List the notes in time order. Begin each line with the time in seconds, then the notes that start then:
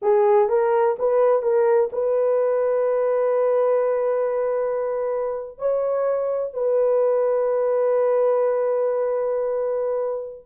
0.02 G#4
0.48 A#4
0.98 B4
1.42 A#4
1.92 B4
5.58 C#5
6.53 B4